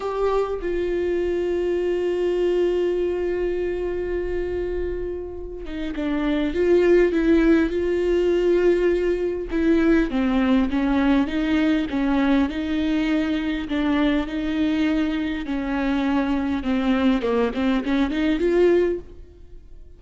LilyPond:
\new Staff \with { instrumentName = "viola" } { \time 4/4 \tempo 4 = 101 g'4 f'2.~ | f'1~ | f'4. dis'8 d'4 f'4 | e'4 f'2. |
e'4 c'4 cis'4 dis'4 | cis'4 dis'2 d'4 | dis'2 cis'2 | c'4 ais8 c'8 cis'8 dis'8 f'4 | }